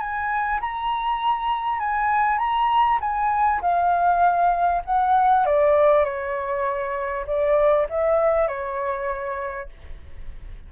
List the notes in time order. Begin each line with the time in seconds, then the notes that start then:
0.00 G#5
0.61 A#5
1.80 G#5
2.39 A#5
3.01 G#5
3.62 F5
4.85 F#5
5.46 D5
6.05 C#5
7.27 D5
7.90 E5
8.48 C#5